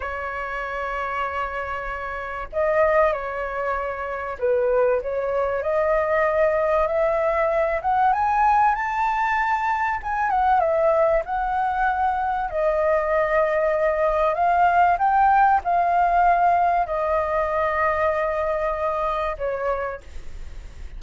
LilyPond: \new Staff \with { instrumentName = "flute" } { \time 4/4 \tempo 4 = 96 cis''1 | dis''4 cis''2 b'4 | cis''4 dis''2 e''4~ | e''8 fis''8 gis''4 a''2 |
gis''8 fis''8 e''4 fis''2 | dis''2. f''4 | g''4 f''2 dis''4~ | dis''2. cis''4 | }